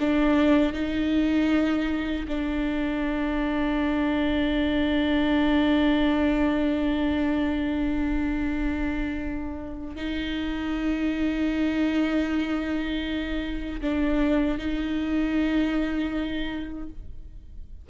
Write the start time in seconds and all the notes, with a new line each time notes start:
0.00 D4
0.73 D#4
2.28 D4
9.96 D#4
13.81 D4
14.58 D#4